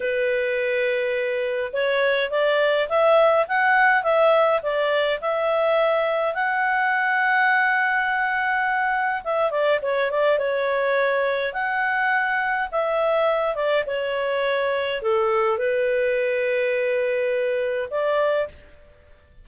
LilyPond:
\new Staff \with { instrumentName = "clarinet" } { \time 4/4 \tempo 4 = 104 b'2. cis''4 | d''4 e''4 fis''4 e''4 | d''4 e''2 fis''4~ | fis''1 |
e''8 d''8 cis''8 d''8 cis''2 | fis''2 e''4. d''8 | cis''2 a'4 b'4~ | b'2. d''4 | }